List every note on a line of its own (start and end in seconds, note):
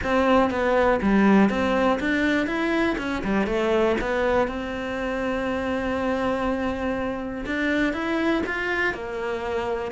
0.03 0.50 C4
0.50 0.99 B3
1.01 1.49 G3
1.49 1.99 C4
2.00 2.46 D4
2.46 2.96 E4
2.98 3.22 C#4
3.23 3.46 G3
3.46 3.96 A3
4.00 4.47 B3
4.47 7.44 C4
7.46 7.93 D4
7.93 8.42 E4
8.46 8.94 F4
8.94 9.91 A#3